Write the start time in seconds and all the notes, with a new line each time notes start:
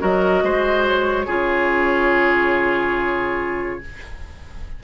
0.00 F#3 F#4 A#4 D#5
0.42 G#3 C5
0.87 C#5
1.26 C#3 F4 G#4